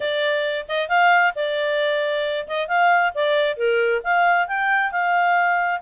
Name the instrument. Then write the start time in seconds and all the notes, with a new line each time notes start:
clarinet
0.00 D5
0.68 D#5
0.88 F5
1.35 D5
2.47 D#5
2.68 F5
3.14 D5
3.57 A#4
4.03 F5
4.47 G5
4.91 F5